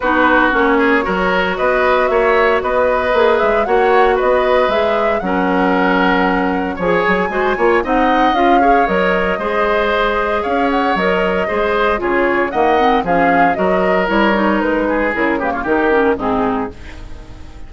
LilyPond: <<
  \new Staff \with { instrumentName = "flute" } { \time 4/4 \tempo 4 = 115 b'4 cis''2 dis''4 | e''4 dis''4. e''8 fis''4 | dis''4 e''4 fis''2~ | fis''4 gis''2 fis''4 |
f''4 dis''2. | f''8 fis''8 dis''2 cis''4 | fis''4 f''4 dis''4 cis''4 | b'4 ais'8 b'16 cis''16 ais'4 gis'4 | }
  \new Staff \with { instrumentName = "oboe" } { \time 4/4 fis'4. gis'8 ais'4 b'4 | cis''4 b'2 cis''4 | b'2 ais'2~ | ais'4 cis''4 c''8 cis''8 dis''4~ |
dis''8 cis''4. c''2 | cis''2 c''4 gis'4 | dis''4 gis'4 ais'2~ | ais'8 gis'4 g'16 f'16 g'4 dis'4 | }
  \new Staff \with { instrumentName = "clarinet" } { \time 4/4 dis'4 cis'4 fis'2~ | fis'2 gis'4 fis'4~ | fis'4 gis'4 cis'2~ | cis'4 gis'4 fis'8 f'8 dis'4 |
f'8 gis'8 ais'4 gis'2~ | gis'4 ais'4 gis'4 f'4 | ais8 c'8 cis'4 fis'4 e'8 dis'8~ | dis'4 e'8 ais8 dis'8 cis'8 c'4 | }
  \new Staff \with { instrumentName = "bassoon" } { \time 4/4 b4 ais4 fis4 b4 | ais4 b4 ais8 gis8 ais4 | b4 gis4 fis2~ | fis4 f8 fis8 gis8 ais8 c'4 |
cis'4 fis4 gis2 | cis'4 fis4 gis4 cis4 | dis4 f4 fis4 g4 | gis4 cis4 dis4 gis,4 | }
>>